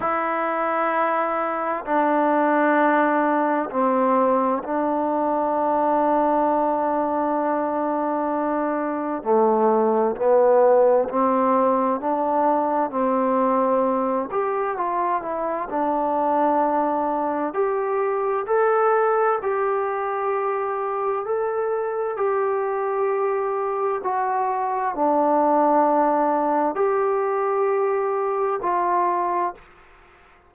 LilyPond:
\new Staff \with { instrumentName = "trombone" } { \time 4/4 \tempo 4 = 65 e'2 d'2 | c'4 d'2.~ | d'2 a4 b4 | c'4 d'4 c'4. g'8 |
f'8 e'8 d'2 g'4 | a'4 g'2 a'4 | g'2 fis'4 d'4~ | d'4 g'2 f'4 | }